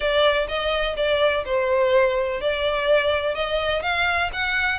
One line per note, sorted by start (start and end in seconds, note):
0.00 0.47 D5
0.47 0.95 D#5
0.96 1.44 D5
1.45 2.40 C5
2.40 3.34 D5
3.34 3.82 D#5
3.82 4.30 F5
4.32 4.79 F#5